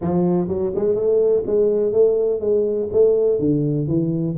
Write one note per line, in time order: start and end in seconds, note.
0.01 0.48 F3
0.48 0.72 F#3
0.75 0.95 G#3
0.95 1.43 A3
1.46 1.92 G#3
1.92 2.40 A3
2.40 2.88 G#3
2.92 3.39 A3
3.39 3.87 D3
3.87 4.35 E3